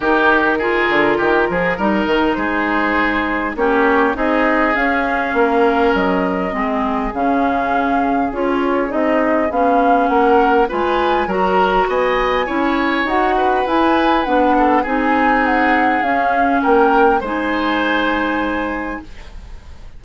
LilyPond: <<
  \new Staff \with { instrumentName = "flute" } { \time 4/4 \tempo 4 = 101 ais'1 | c''2 cis''4 dis''4 | f''2 dis''2 | f''2 cis''4 dis''4 |
f''4 fis''4 gis''4 ais''4 | gis''2 fis''4 gis''4 | fis''4 gis''4 fis''4 f''4 | g''4 gis''2. | }
  \new Staff \with { instrumentName = "oboe" } { \time 4/4 g'4 gis'4 g'8 gis'8 ais'4 | gis'2 g'4 gis'4~ | gis'4 ais'2 gis'4~ | gis'1~ |
gis'4 ais'4 b'4 ais'4 | dis''4 cis''4. b'4.~ | b'8 a'8 gis'2. | ais'4 c''2. | }
  \new Staff \with { instrumentName = "clarinet" } { \time 4/4 dis'4 f'2 dis'4~ | dis'2 cis'4 dis'4 | cis'2. c'4 | cis'2 f'4 dis'4 |
cis'2 f'4 fis'4~ | fis'4 e'4 fis'4 e'4 | d'4 dis'2 cis'4~ | cis'4 dis'2. | }
  \new Staff \with { instrumentName = "bassoon" } { \time 4/4 dis4. d8 dis8 f8 g8 dis8 | gis2 ais4 c'4 | cis'4 ais4 fis4 gis4 | cis2 cis'4 c'4 |
b4 ais4 gis4 fis4 | b4 cis'4 dis'4 e'4 | b4 c'2 cis'4 | ais4 gis2. | }
>>